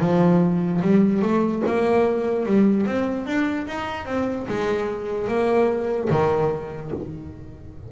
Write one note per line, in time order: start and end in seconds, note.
0.00 0.81 F3
0.82 1.22 G3
1.22 1.63 A3
1.67 2.46 A#3
2.46 2.87 G3
2.87 3.27 C4
3.27 3.67 D4
3.67 4.06 D#4
4.06 4.46 C4
4.49 5.28 G#3
5.28 6.09 A#3
6.11 6.92 D#3